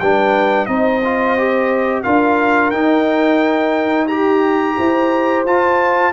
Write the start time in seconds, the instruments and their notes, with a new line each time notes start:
0.00 tuba G3, trombone D4, horn B4, trumpet G5
0.66 tuba C4, trombone D#4, horn C5, trumpet D#5
1.05 trombone F4
1.38 trombone G4
2.03 tuba D4, trombone F4, horn A#4, trumpet F5
2.71 tuba D#4, trombone D#4, trumpet G5
4.08 horn G4, trombone G4, trumpet A#5
4.78 tuba E4, horn C5
5.45 tuba F4, trombone F4, trumpet A5